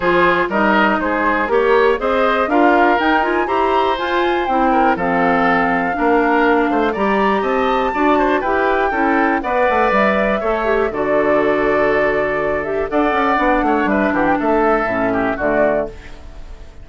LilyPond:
<<
  \new Staff \with { instrumentName = "flute" } { \time 4/4 \tempo 4 = 121 c''4 dis''4 c''4 ais'4 | dis''4 f''4 g''8 gis''8 ais''4 | gis''4 g''4 f''2~ | f''2 ais''4 a''4~ |
a''4 g''2 fis''4 | e''2 d''2~ | d''4. e''8 fis''2 | e''8 fis''16 g''16 e''2 d''4 | }
  \new Staff \with { instrumentName = "oboe" } { \time 4/4 gis'4 ais'4 gis'4 cis''4 | c''4 ais'2 c''4~ | c''4. ais'8 a'2 | ais'4. c''8 d''4 dis''4 |
d''8 c''8 b'4 a'4 d''4~ | d''4 cis''4 a'2~ | a'2 d''4. cis''8 | b'8 g'8 a'4. g'8 fis'4 | }
  \new Staff \with { instrumentName = "clarinet" } { \time 4/4 f'4 dis'2 g'4 | gis'4 f'4 dis'8 f'8 g'4 | f'4 e'4 c'2 | d'2 g'2 |
fis'4 g'4 e'4 b'4~ | b'4 a'8 g'8 fis'2~ | fis'4. g'8 a'4 d'4~ | d'2 cis'4 a4 | }
  \new Staff \with { instrumentName = "bassoon" } { \time 4/4 f4 g4 gis4 ais4 | c'4 d'4 dis'4 e'4 | f'4 c'4 f2 | ais4. a8 g4 c'4 |
d'4 e'4 cis'4 b8 a8 | g4 a4 d2~ | d2 d'8 cis'8 b8 a8 | g8 e8 a4 a,4 d4 | }
>>